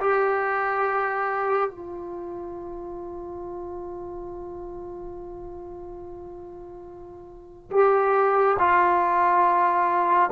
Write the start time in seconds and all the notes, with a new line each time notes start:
0.00 G4
1.70 F4
7.71 G4
8.59 F4